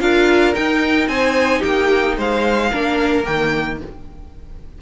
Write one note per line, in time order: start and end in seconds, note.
0.00 0.55 D4
0.00 0.54 F4
0.00 1.09 A#4
0.00 0.55 F5
0.54 2.70 D#4
0.54 1.08 D#4
0.54 1.08 G5
1.08 1.62 C4
1.08 1.59 C5
1.08 1.62 G#5
1.59 2.18 A#3
1.59 2.14 G4
1.59 2.17 G5
2.18 2.72 G#3
2.18 2.71 C5
2.18 3.25 F5
2.71 3.27 A#3
2.71 3.24 D4
2.71 3.79 A#4
3.24 3.82 D#3
3.24 3.78 A#3
3.24 3.79 G5